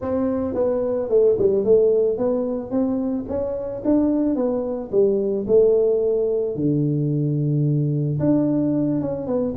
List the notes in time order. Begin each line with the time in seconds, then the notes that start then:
0.01 C4
0.54 B3
1.09 A3
1.38 G3
1.64 A3
2.17 B3
2.70 C4
3.28 C#4
3.84 D4
4.35 B3
4.91 G3
5.47 A3
6.55 D3
8.19 D4
9.01 C#4
9.26 B3